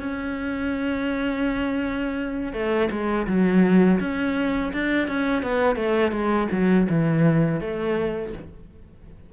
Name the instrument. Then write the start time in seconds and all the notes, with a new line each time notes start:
cello
0.00 C#4
2.53 A3
2.91 G#3
3.27 F#3
4.00 C#4
4.73 D4
5.08 C#4
5.43 B3
5.76 A3
6.12 G#3
6.52 F#3
6.89 E3
7.61 A3